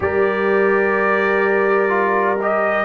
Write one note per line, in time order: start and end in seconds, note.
0.00 2.85 G3
0.00 1.88 G4
0.00 2.85 A#4
0.00 2.39 D5
1.88 2.36 F4
2.41 2.85 G4
2.41 2.85 D#5